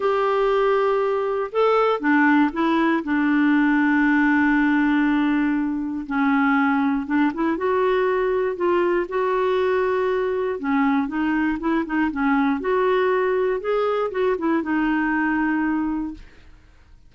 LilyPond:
\new Staff \with { instrumentName = "clarinet" } { \time 4/4 \tempo 4 = 119 g'2. a'4 | d'4 e'4 d'2~ | d'1 | cis'2 d'8 e'8 fis'4~ |
fis'4 f'4 fis'2~ | fis'4 cis'4 dis'4 e'8 dis'8 | cis'4 fis'2 gis'4 | fis'8 e'8 dis'2. | }